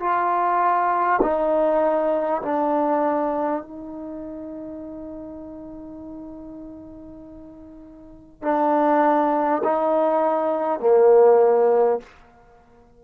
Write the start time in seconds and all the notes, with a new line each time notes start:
0.00 F4
1.22 D#4
2.42 D4
3.62 D#4
8.43 D4
9.64 D#4
10.80 A#3